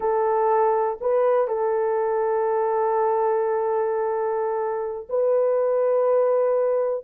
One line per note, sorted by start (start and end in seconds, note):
0.00 0.98 A4
1.00 1.47 B4
1.47 5.07 A4
5.09 7.04 B4